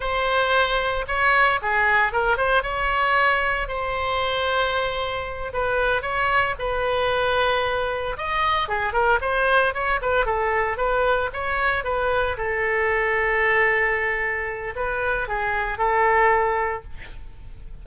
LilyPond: \new Staff \with { instrumentName = "oboe" } { \time 4/4 \tempo 4 = 114 c''2 cis''4 gis'4 | ais'8 c''8 cis''2 c''4~ | c''2~ c''8 b'4 cis''8~ | cis''8 b'2. dis''8~ |
dis''8 gis'8 ais'8 c''4 cis''8 b'8 a'8~ | a'8 b'4 cis''4 b'4 a'8~ | a'1 | b'4 gis'4 a'2 | }